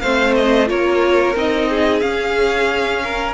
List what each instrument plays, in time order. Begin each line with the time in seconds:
0.00 cello A3, viola C4, violin C5 F5
0.35 violin D#5
0.66 cello A#3, viola F4, violin A#4 C#5
1.35 cello C4, viola D#4, violin D#5
1.69 violin G#4
2.00 viola C#4, cello C#4, violin F5
3.03 violin A#4